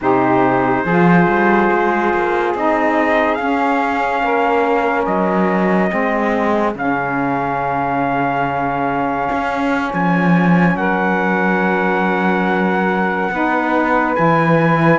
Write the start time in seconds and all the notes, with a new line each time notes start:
0.00 C3 D#4 G4 C5
0.83 F3 F4 G#4
1.28 G3
1.71 G#3
2.13 A#3
2.54 C4 D#4 D#5
3.34 C#4 F5
4.22 A#3 A#4
5.05 F#3 D#5
5.88 G#3 C4 G#4
6.74 C#3 C#4 F5
9.32 C#4
9.93 F3 G#5
10.75 F#3 A#4 F#5
13.31 B3 D#4 B4
14.15 E3 E4 G#5